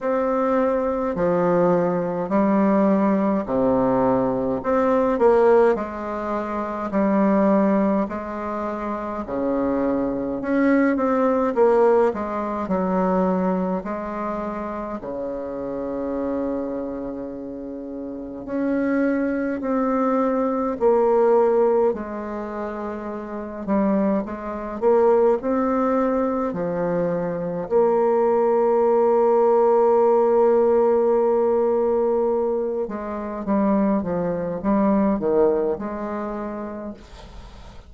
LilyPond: \new Staff \with { instrumentName = "bassoon" } { \time 4/4 \tempo 4 = 52 c'4 f4 g4 c4 | c'8 ais8 gis4 g4 gis4 | cis4 cis'8 c'8 ais8 gis8 fis4 | gis4 cis2. |
cis'4 c'4 ais4 gis4~ | gis8 g8 gis8 ais8 c'4 f4 | ais1~ | ais8 gis8 g8 f8 g8 dis8 gis4 | }